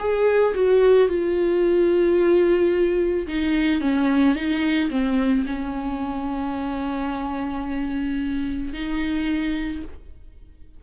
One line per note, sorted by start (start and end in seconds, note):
0.00 0.55 G#4
0.55 1.09 F#4
1.09 3.27 F4
3.28 3.81 D#4
3.81 4.36 C#4
4.36 4.90 D#4
4.91 5.45 C4
5.46 8.74 C#4
8.74 9.83 D#4